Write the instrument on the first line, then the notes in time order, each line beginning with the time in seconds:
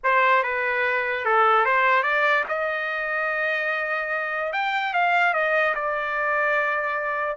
trumpet
0.03 C5
0.43 B4
1.25 A4
1.65 C5
2.02 D5
2.48 D#5
4.52 G5
4.93 F5
5.33 D#5
5.74 D5